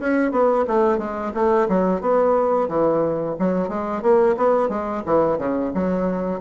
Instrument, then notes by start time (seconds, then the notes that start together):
bassoon
0.00 C#4
0.32 B3
0.68 A3
0.99 G#3
1.35 A3
1.69 F#3
2.01 B3
2.69 E3
3.39 F#3
3.69 G#3
4.03 A#3
4.37 B3
4.69 G#3
5.06 E3
5.39 C#3
5.75 F#3